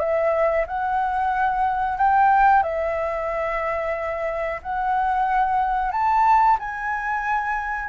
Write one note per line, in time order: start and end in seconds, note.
0.00 0.66 E5
0.67 1.98 F#5
1.98 2.63 G5
2.63 4.61 E5
4.63 5.92 F#5
5.92 6.58 A5
6.60 7.89 G#5